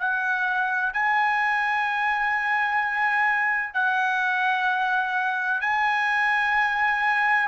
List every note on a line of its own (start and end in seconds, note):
0.00 0.94 F#5
0.94 3.74 G#5
3.74 5.61 F#5
5.61 7.49 G#5